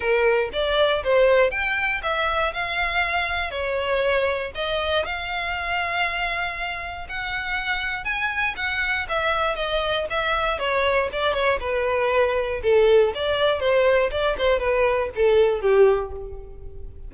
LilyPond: \new Staff \with { instrumentName = "violin" } { \time 4/4 \tempo 4 = 119 ais'4 d''4 c''4 g''4 | e''4 f''2 cis''4~ | cis''4 dis''4 f''2~ | f''2 fis''2 |
gis''4 fis''4 e''4 dis''4 | e''4 cis''4 d''8 cis''8 b'4~ | b'4 a'4 d''4 c''4 | d''8 c''8 b'4 a'4 g'4 | }